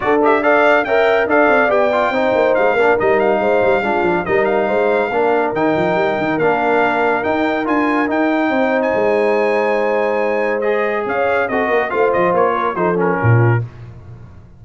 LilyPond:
<<
  \new Staff \with { instrumentName = "trumpet" } { \time 4/4 \tempo 4 = 141 d''8 e''8 f''4 g''4 f''4 | g''2 f''4 dis''8 f''8~ | f''2 dis''8 f''4.~ | f''4 g''2 f''4~ |
f''4 g''4 gis''4 g''4~ | g''8. gis''2.~ gis''16~ | gis''4 dis''4 f''4 dis''4 | f''8 dis''8 cis''4 c''8 ais'4. | }
  \new Staff \with { instrumentName = "horn" } { \time 4/4 a'4 d''4 e''4 d''4~ | d''4 c''4. ais'4. | c''4 f'4 ais'4 c''4 | ais'1~ |
ais'1 | c''1~ | c''2 cis''4 a'8 ais'8 | c''4. ais'8 a'4 f'4 | }
  \new Staff \with { instrumentName = "trombone" } { \time 4/4 fis'8 g'8 a'4 ais'4 a'4 | g'8 f'8 dis'4. d'8 dis'4~ | dis'4 d'4 dis'2 | d'4 dis'2 d'4~ |
d'4 dis'4 f'4 dis'4~ | dis'1~ | dis'4 gis'2 fis'4 | f'2 dis'8 cis'4. | }
  \new Staff \with { instrumentName = "tuba" } { \time 4/4 d'2 cis'4 d'8 c'8 | b4 c'8 ais8 gis8 ais8 g4 | gis8 g8 gis8 f8 g4 gis4 | ais4 dis8 f8 g8 dis8 ais4~ |
ais4 dis'4 d'4 dis'4 | c'4 gis2.~ | gis2 cis'4 c'8 ais8 | a8 f8 ais4 f4 ais,4 | }
>>